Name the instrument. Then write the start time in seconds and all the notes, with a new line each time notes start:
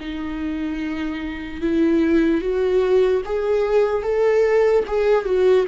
viola
0.00 D#4
1.61 E4
2.41 F#4
3.25 G#4
4.03 A4
4.87 G#4
5.25 F#4